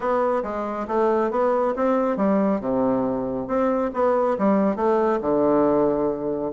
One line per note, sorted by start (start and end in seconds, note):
0.00 0.42 B3
0.43 0.86 G#3
0.87 1.30 A3
1.30 1.74 B3
1.76 2.17 C4
2.17 2.60 G3
2.60 3.47 C3
3.47 3.91 C4
3.93 4.37 B3
4.38 4.76 G3
4.76 5.19 A3
5.21 6.51 D3